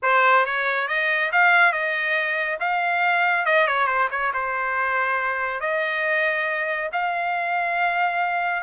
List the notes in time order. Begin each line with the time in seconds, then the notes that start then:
0.02 C5
0.45 C#5
0.88 D#5
1.31 F5
1.72 D#5
2.60 F5
3.45 D#5
3.67 C#5
3.86 C5
4.10 C#5
4.33 C5
5.60 D#5
6.92 F5